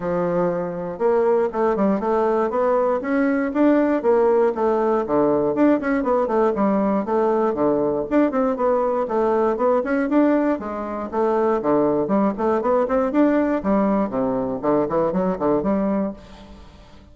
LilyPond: \new Staff \with { instrumentName = "bassoon" } { \time 4/4 \tempo 4 = 119 f2 ais4 a8 g8 | a4 b4 cis'4 d'4 | ais4 a4 d4 d'8 cis'8 | b8 a8 g4 a4 d4 |
d'8 c'8 b4 a4 b8 cis'8 | d'4 gis4 a4 d4 | g8 a8 b8 c'8 d'4 g4 | c4 d8 e8 fis8 d8 g4 | }